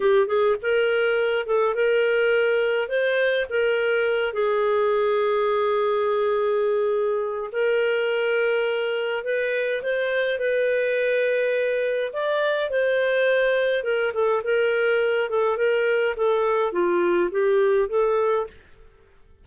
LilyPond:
\new Staff \with { instrumentName = "clarinet" } { \time 4/4 \tempo 4 = 104 g'8 gis'8 ais'4. a'8 ais'4~ | ais'4 c''4 ais'4. gis'8~ | gis'1~ | gis'4 ais'2. |
b'4 c''4 b'2~ | b'4 d''4 c''2 | ais'8 a'8 ais'4. a'8 ais'4 | a'4 f'4 g'4 a'4 | }